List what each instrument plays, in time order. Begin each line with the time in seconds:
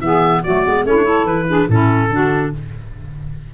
0.00 tuba E3, clarinet B3, saxophone G#4, oboe E5
0.41 clarinet A3, saxophone F#4, oboe D5
0.47 tuba F#3
0.65 tuba G#3, clarinet B3
0.84 tuba A3, clarinet C#4, saxophone E4, oboe C#5
0.95 clarinet D4
1.03 clarinet E4, saxophone A4
1.24 tuba E3, oboe B4
1.48 clarinet D4, saxophone G#4
1.68 tuba A2, clarinet C#4, saxophone E4, oboe A4
2.09 tuba D3, clarinet D4, saxophone F#4